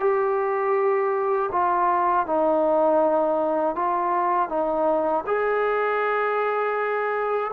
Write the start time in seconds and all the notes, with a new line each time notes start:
0.00 G4
1.52 F4
2.26 D#4
3.75 F4
4.49 D#4
5.27 G#4